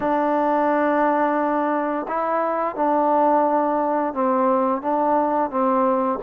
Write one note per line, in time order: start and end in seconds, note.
0.00 2.06 D4
2.08 2.75 E4
2.75 4.13 D4
4.13 4.81 C4
4.81 5.50 D4
5.50 6.19 C4